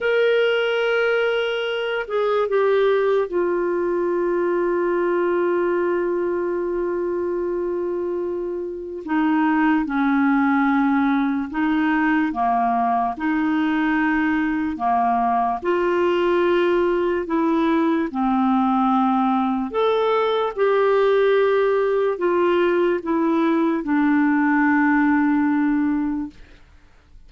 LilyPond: \new Staff \with { instrumentName = "clarinet" } { \time 4/4 \tempo 4 = 73 ais'2~ ais'8 gis'8 g'4 | f'1~ | f'2. dis'4 | cis'2 dis'4 ais4 |
dis'2 ais4 f'4~ | f'4 e'4 c'2 | a'4 g'2 f'4 | e'4 d'2. | }